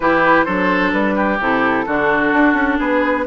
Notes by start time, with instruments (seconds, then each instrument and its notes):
0.00 bassoon E3, clarinet E4, oboe G4, flute B4
0.44 bassoon F#3, clarinet D4, oboe A4, flute C5
0.92 bassoon G3, flute B4
1.15 oboe G4
1.40 bassoon C3, clarinet E4, flute A4
1.86 bassoon D3, clarinet D4, oboe F#4
2.33 bassoon D4
2.53 bassoon C#4
2.78 bassoon B3, oboe G#4, flute B4